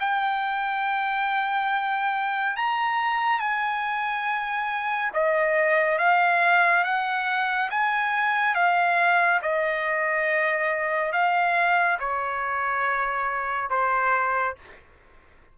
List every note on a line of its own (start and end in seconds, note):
0.00 2.56 G5
2.56 3.40 A#5
3.40 5.11 G#5
5.14 5.98 D#5
5.98 6.84 F5
6.84 7.69 F#5
7.70 8.55 G#5
8.55 9.41 F5
9.42 11.12 D#5
11.12 11.98 F5
12.00 13.70 C#5
13.70 14.56 C5